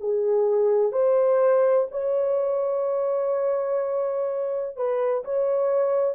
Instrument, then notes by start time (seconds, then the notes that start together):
horn
0.00 G#4
0.92 C5
1.91 C#5
4.76 B4
5.24 C#5